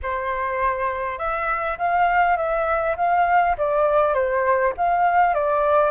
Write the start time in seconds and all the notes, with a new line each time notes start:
0.02 C5
1.18 E5
1.77 F5
2.36 E5
2.96 F5
3.57 D5
4.13 C5
4.77 F5
5.34 D5